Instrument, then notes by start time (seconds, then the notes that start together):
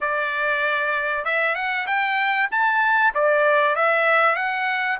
trumpet
0.00 D5
1.24 E5
1.55 F#5
1.87 G5
2.51 A5
3.14 D5
3.75 E5
4.35 F#5